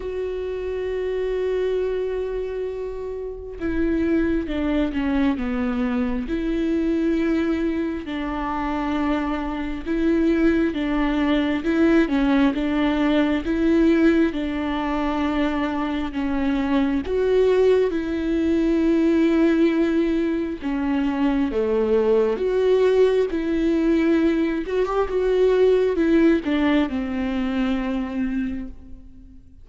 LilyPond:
\new Staff \with { instrumentName = "viola" } { \time 4/4 \tempo 4 = 67 fis'1 | e'4 d'8 cis'8 b4 e'4~ | e'4 d'2 e'4 | d'4 e'8 cis'8 d'4 e'4 |
d'2 cis'4 fis'4 | e'2. cis'4 | a4 fis'4 e'4. fis'16 g'16 | fis'4 e'8 d'8 c'2 | }